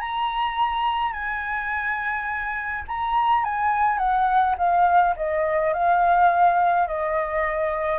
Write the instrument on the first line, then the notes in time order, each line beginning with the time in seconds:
flute
0.00 A#5
1.12 G#5
2.87 A#5
3.44 G#5
3.98 F#5
4.58 F5
5.16 D#5
5.73 F5
6.87 D#5